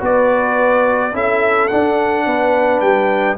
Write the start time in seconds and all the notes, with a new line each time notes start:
0.00 B3 F#4 B4 D5
1.14 C#4 E4 A4 E5
1.68 D4 F#5
2.26 B3 B4
2.81 G3 G5